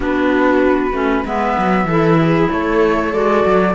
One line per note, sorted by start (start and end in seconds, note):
0.00 0.92 B3
0.00 0.91 D4
0.00 1.23 F#4
0.00 1.25 B4
0.92 1.24 A3
0.92 1.24 C#4
1.23 1.56 G#3
1.23 1.87 B3
1.23 1.85 B4
1.23 2.50 E5
1.58 1.84 F#3
1.84 2.47 E3
1.84 3.12 E4
1.84 2.18 A4
2.20 2.51 G#4
2.51 3.13 A3
2.51 3.74 A4
2.51 3.12 C#5
3.12 3.45 G#3
3.12 3.74 F#4
3.12 3.74 D5
3.45 3.74 F#3